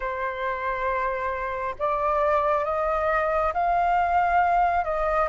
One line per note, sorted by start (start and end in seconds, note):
0.00 1.74 C5
1.78 2.64 D5
2.64 3.52 D#5
3.53 4.84 F5
4.84 5.28 D#5